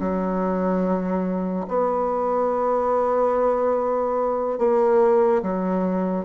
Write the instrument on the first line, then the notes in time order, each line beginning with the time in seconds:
bassoon
0.00 F#3
1.68 B3
4.59 A#3
5.42 F#3